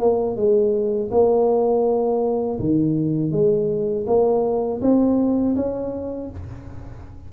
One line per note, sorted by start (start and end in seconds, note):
0.00 0.36 A#3
0.36 1.10 G#3
1.11 2.59 A#3
2.60 3.32 D#3
3.32 4.06 G#3
4.07 4.81 A#3
4.81 5.56 C4
5.56 6.30 C#4